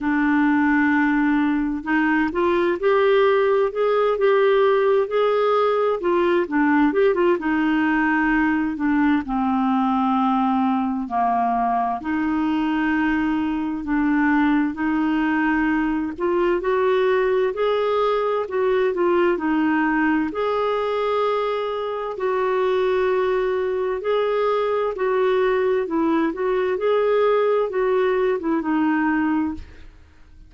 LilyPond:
\new Staff \with { instrumentName = "clarinet" } { \time 4/4 \tempo 4 = 65 d'2 dis'8 f'8 g'4 | gis'8 g'4 gis'4 f'8 d'8 g'16 f'16 | dis'4. d'8 c'2 | ais4 dis'2 d'4 |
dis'4. f'8 fis'4 gis'4 | fis'8 f'8 dis'4 gis'2 | fis'2 gis'4 fis'4 | e'8 fis'8 gis'4 fis'8. e'16 dis'4 | }